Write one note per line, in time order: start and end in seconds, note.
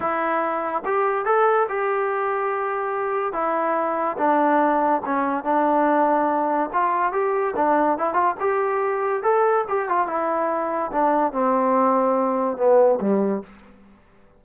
0.00 0.83 E4
0.85 1.25 G4
1.25 1.67 A4
1.68 3.33 G4
3.33 4.17 E4
4.17 5.01 D4
5.05 5.44 C#4
5.44 6.70 D4
6.73 7.12 F4
7.12 7.54 G4
7.55 7.97 D4
7.97 8.13 E4
8.13 8.34 F4
8.39 9.22 G4
9.22 9.64 A4
9.68 9.88 G4
9.88 10.07 F4
10.07 10.91 E4
10.92 11.32 D4
11.32 12.57 C4
12.57 12.99 B3
13.00 13.42 G3